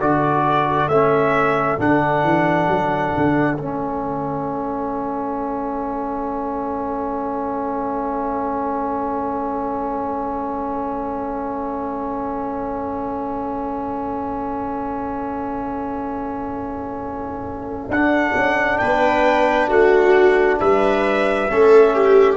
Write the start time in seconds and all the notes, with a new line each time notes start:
0.00 D3 F#4 A4 D5
0.88 A3 C#4 E5
1.78 D3 D4 F#5
2.23 E3
2.67 F#3
3.17 D3
3.58 A3 C#4 E5
17.88 D4 F#5
18.35 C#4
18.78 B3 B4 G5
19.68 A3 F#4 F#5
20.60 G3 B4 E5
21.49 A3 C#4 A4
21.94 G4